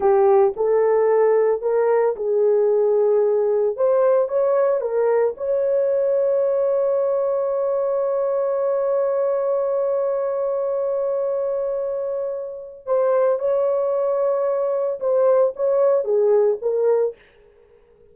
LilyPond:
\new Staff \with { instrumentName = "horn" } { \time 4/4 \tempo 4 = 112 g'4 a'2 ais'4 | gis'2. c''4 | cis''4 ais'4 cis''2~ | cis''1~ |
cis''1~ | cis''1 | c''4 cis''2. | c''4 cis''4 gis'4 ais'4 | }